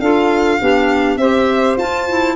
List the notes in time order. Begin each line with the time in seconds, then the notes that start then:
0.00 D4 F4 A4 F5
0.59 B3 D4 G4
1.17 C4 G4 C5 E5
1.77 F4 A5
2.09 E4